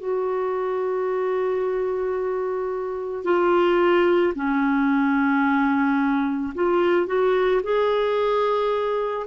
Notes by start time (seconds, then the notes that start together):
0.00 F#4
3.24 F4
4.35 C#4
6.55 F4
7.07 F#4
7.63 G#4